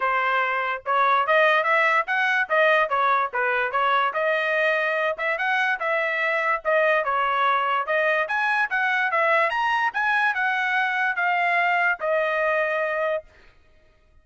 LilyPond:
\new Staff \with { instrumentName = "trumpet" } { \time 4/4 \tempo 4 = 145 c''2 cis''4 dis''4 | e''4 fis''4 dis''4 cis''4 | b'4 cis''4 dis''2~ | dis''8 e''8 fis''4 e''2 |
dis''4 cis''2 dis''4 | gis''4 fis''4 e''4 ais''4 | gis''4 fis''2 f''4~ | f''4 dis''2. | }